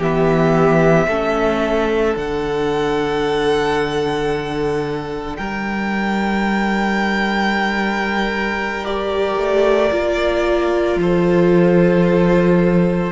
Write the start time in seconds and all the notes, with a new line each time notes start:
0.00 E3 B3 G4 E5
1.08 A3 C#4 A4
2.15 D3 D4 F#5
5.37 G3 A#4 G5
8.85 G4 D5
9.38 A3
9.92 A#3 F4
10.97 F3 A4 C5